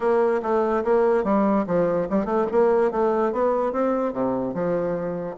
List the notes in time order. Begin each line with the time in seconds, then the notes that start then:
0.00 A#3
0.42 A3
0.84 A#3
1.24 G3
1.66 F3
2.09 G3
2.25 A3
2.51 A#3
2.91 A3
3.32 B3
3.72 C4
4.12 C3
4.54 F3